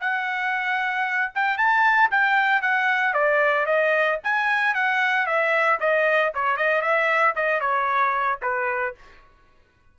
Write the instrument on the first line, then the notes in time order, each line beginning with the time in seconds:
trumpet
0.00 F#5
1.34 G5
1.57 A5
2.10 G5
2.61 F#5
3.13 D5
3.66 D#5
4.23 G#5
4.74 F#5
5.26 E5
5.80 D#5
6.34 C#5
6.56 D#5
6.81 E5
7.35 D#5
7.60 C#5
8.42 B4